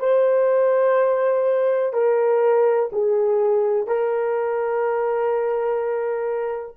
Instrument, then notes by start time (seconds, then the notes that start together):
horn
0.00 C5
1.93 A#4
2.93 G#4
3.88 A#4